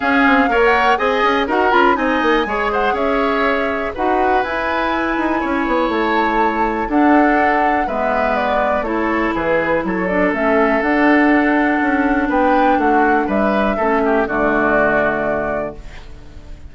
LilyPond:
<<
  \new Staff \with { instrumentName = "flute" } { \time 4/4 \tempo 4 = 122 f''4~ f''16 fis''8. gis''4 fis''8 b''8 | gis''4. fis''8 e''2 | fis''4 gis''2. | a''2 fis''2 |
e''4 d''4 cis''4 b'4 | cis''8 d''8 e''4 fis''2~ | fis''4 g''4 fis''4 e''4~ | e''4 d''2. | }
  \new Staff \with { instrumentName = "oboe" } { \time 4/4 gis'4 cis''4 dis''4 ais'4 | dis''4 cis''8 c''8 cis''2 | b'2. cis''4~ | cis''2 a'2 |
b'2 a'4 gis'4 | a'1~ | a'4 b'4 fis'4 b'4 | a'8 g'8 fis'2. | }
  \new Staff \with { instrumentName = "clarinet" } { \time 4/4 cis'4 ais'4 gis'4 fis'8 f'8 | dis'4 gis'2. | fis'4 e'2.~ | e'2 d'2 |
b2 e'2~ | e'8 d'8 cis'4 d'2~ | d'1 | cis'4 a2. | }
  \new Staff \with { instrumentName = "bassoon" } { \time 4/4 cis'8 c'8 ais4 c'8 cis'8 dis'8 cis'8 | c'8 ais8 gis4 cis'2 | dis'4 e'4. dis'8 cis'8 b8 | a2 d'2 |
gis2 a4 e4 | fis4 a4 d'2 | cis'4 b4 a4 g4 | a4 d2. | }
>>